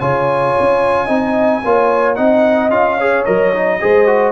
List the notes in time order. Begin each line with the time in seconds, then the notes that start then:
0.00 C#3 F4 C#5 G#5
0.60 C#4
1.06 C4 D#4 D#5
1.63 A#3 F4 C#5
2.16 C4 D#4 D#5 F#5
2.70 C#4 F4 F5
2.97 G#4 C#5
3.25 F#3 A#4 D#5
3.53 D#4
3.80 G#3 G#4 C5
4.07 F#4